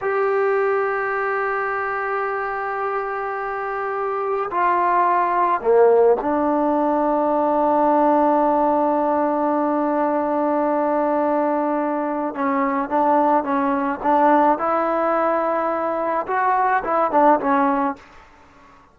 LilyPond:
\new Staff \with { instrumentName = "trombone" } { \time 4/4 \tempo 4 = 107 g'1~ | g'1 | f'2 ais4 d'4~ | d'1~ |
d'1~ | d'2 cis'4 d'4 | cis'4 d'4 e'2~ | e'4 fis'4 e'8 d'8 cis'4 | }